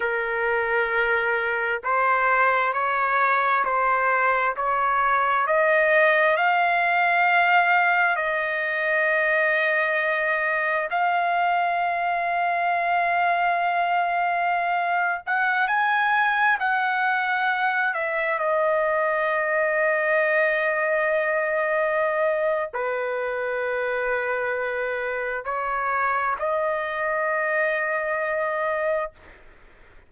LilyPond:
\new Staff \with { instrumentName = "trumpet" } { \time 4/4 \tempo 4 = 66 ais'2 c''4 cis''4 | c''4 cis''4 dis''4 f''4~ | f''4 dis''2. | f''1~ |
f''8. fis''8 gis''4 fis''4. e''16~ | e''16 dis''2.~ dis''8.~ | dis''4 b'2. | cis''4 dis''2. | }